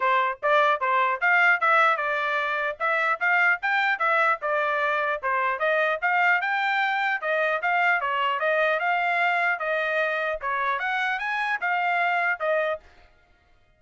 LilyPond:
\new Staff \with { instrumentName = "trumpet" } { \time 4/4 \tempo 4 = 150 c''4 d''4 c''4 f''4 | e''4 d''2 e''4 | f''4 g''4 e''4 d''4~ | d''4 c''4 dis''4 f''4 |
g''2 dis''4 f''4 | cis''4 dis''4 f''2 | dis''2 cis''4 fis''4 | gis''4 f''2 dis''4 | }